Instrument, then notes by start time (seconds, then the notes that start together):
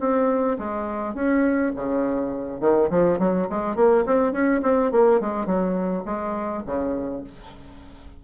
bassoon
0.00 C4
0.58 G#3
1.14 C#4
1.76 C#3
2.60 D#3
2.90 F3
3.19 F#3
3.50 G#3
3.76 A#3
4.06 C4
4.32 C#4
4.63 C4
4.92 A#3
5.20 G#3
5.46 F#3
6.05 G#3
6.66 C#3